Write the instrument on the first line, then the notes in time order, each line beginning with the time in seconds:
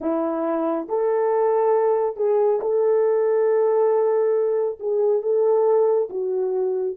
horn
0.00 E4
0.89 A4
2.16 G#4
2.61 A4
4.79 G#4
5.22 A4
6.09 F#4